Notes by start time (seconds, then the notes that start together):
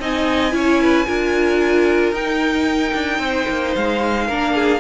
0.00 C4 D#4 D#5 G#5
0.51 C#4 E4 C#5
0.82 B4
1.06 D4 F4 A#4
2.12 D#4 G5
2.94 D4
3.19 C4 C5
3.49 A#3
3.75 G#3 F5
4.27 A#3 D4 A#4
4.54 G#4